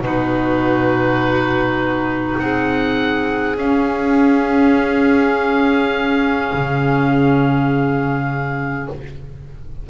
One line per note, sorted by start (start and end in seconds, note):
0.00 2.35 B2
0.00 3.55 D#4
0.00 2.41 F#4
0.00 2.38 B4
2.38 3.57 C4
2.38 8.89 G#4
2.38 3.56 F#5
3.57 6.51 C#4
3.57 8.87 C#4
3.57 8.87 F5
6.53 8.88 C#3